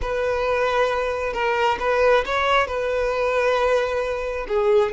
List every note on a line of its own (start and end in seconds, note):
0.01 1.33 B4
1.33 1.78 A#4
1.79 2.24 B4
2.25 2.67 C#5
2.67 4.46 B4
4.48 4.92 G#4